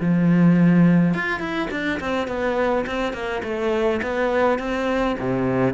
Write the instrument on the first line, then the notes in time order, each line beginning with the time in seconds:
cello
0.00 F3
1.14 F4
1.40 E4
1.70 D4
2.00 C4
2.27 B3
2.86 C4
3.13 A#3
3.43 A3
4.02 B3
4.59 C4
5.19 C3